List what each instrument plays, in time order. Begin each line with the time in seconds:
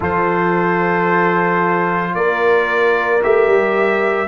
0.00 tuba F3, trombone F4, horn A4, trumpet C5
2.14 tuba A#3, horn A#4, trumpet D5
3.23 tuba A3, trombone G4, trumpet E5
3.46 tuba G3